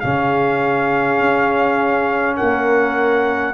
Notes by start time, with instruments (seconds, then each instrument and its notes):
0.00 tuba C#3, trombone C#4, horn G#4, trumpet F5
1.20 tuba C#4
2.36 tuba A#3, horn A#4, trumpet F#5